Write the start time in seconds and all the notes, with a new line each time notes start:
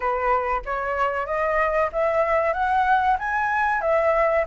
0.00 B4
0.65 C#5
1.26 D#5
1.92 E5
2.53 F#5
3.18 G#5
3.81 E5